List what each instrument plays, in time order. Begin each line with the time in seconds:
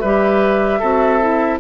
0.00 bassoon G3, clarinet G4, oboe B4, flute E5
0.79 bassoon C4, clarinet F#4, oboe A4
1.21 clarinet E4